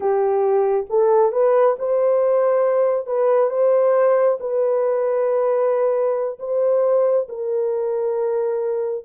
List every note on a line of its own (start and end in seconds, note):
0.00 0.85 G4
0.89 1.32 A4
1.32 1.76 B4
1.78 3.06 C5
3.06 3.49 B4
3.49 4.38 C5
4.40 6.38 B4
6.39 7.27 C5
7.28 9.04 A#4